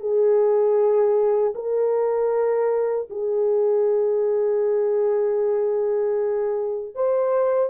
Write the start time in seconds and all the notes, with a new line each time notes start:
0.00 G#4
1.55 A#4
3.10 G#4
6.95 C5